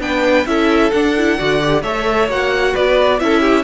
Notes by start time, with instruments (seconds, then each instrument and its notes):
0.00 cello B3, viola D4, violin B4 G5
0.46 cello C#4, viola E4, violin A4 E5
0.91 cello D4, viola D4, violin F#5
1.18 viola E4
1.38 cello D3, viola F#4, violin D5
1.60 viola G4
1.82 cello A3, viola A4, violin C#5 E5
2.29 cello A#3, viola F#4, violin F#5
2.72 cello B3, violin B4 D5
3.20 cello C#4, viola E4, violin A4 E5
3.41 violin G4